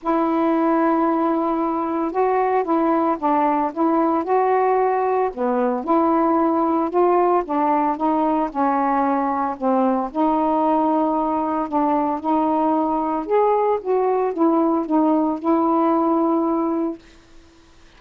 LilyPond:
\new Staff \with { instrumentName = "saxophone" } { \time 4/4 \tempo 4 = 113 e'1 | fis'4 e'4 d'4 e'4 | fis'2 b4 e'4~ | e'4 f'4 d'4 dis'4 |
cis'2 c'4 dis'4~ | dis'2 d'4 dis'4~ | dis'4 gis'4 fis'4 e'4 | dis'4 e'2. | }